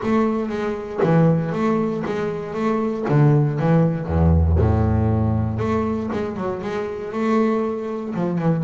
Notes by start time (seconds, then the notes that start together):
0.03 A3
0.49 G#3
1.03 E3
1.52 A3
2.06 G#3
2.54 A3
3.08 D3
3.59 E3
4.06 E2
4.58 A2
5.58 A3
6.12 G#3
6.36 F#3
6.61 G#3
7.12 A3
8.14 F3
8.38 E3